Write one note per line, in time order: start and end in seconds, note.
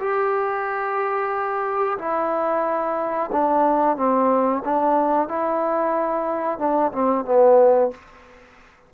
0.00 1.98 G4
1.98 3.30 E4
3.33 3.97 D4
3.97 4.63 C4
4.65 5.28 D4
5.28 6.59 E4
6.59 6.92 D4
6.93 7.25 C4
7.25 7.91 B3